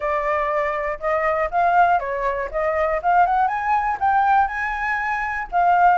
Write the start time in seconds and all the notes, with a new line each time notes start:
0.00 D5
0.99 D#5
1.50 F5
1.99 C#5
2.51 D#5
3.02 F5
3.26 F#5
3.47 G#5
4.00 G5
4.47 G#5
5.51 F5